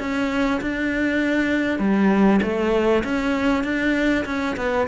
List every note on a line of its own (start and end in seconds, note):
0.00 0.61 C#4
0.62 1.79 D4
1.79 2.40 G3
2.43 3.04 A3
3.04 3.64 C#4
3.64 4.25 D4
4.26 4.56 C#4
4.57 4.88 B3